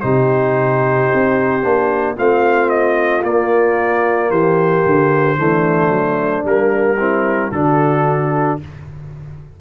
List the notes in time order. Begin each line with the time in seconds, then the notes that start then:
0.00 C3 D#4 G4 C5
1.14 C4
1.62 A#3 D4
2.16 A3 C4 F4 F5
2.69 D#5
3.23 A#3 D5
4.30 E3 G4 C5
4.85 D3
5.37 E3 A3 D4
5.89 F#3
6.44 G3 A#3 A#4
6.99 C4 E4
7.52 D3 D4 F#4 A4